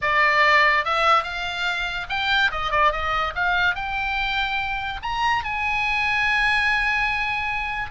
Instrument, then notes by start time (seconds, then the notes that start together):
oboe
0.01 D5
0.84 E5
1.23 F5
2.09 G5
2.51 D#5
2.71 D5
2.91 D#5
3.35 F5
3.75 G5
5.02 A#5
5.44 G#5